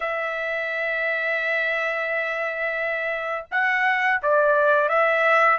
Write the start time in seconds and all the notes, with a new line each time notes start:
0.00 E5
3.51 F#5
4.22 D5
4.88 E5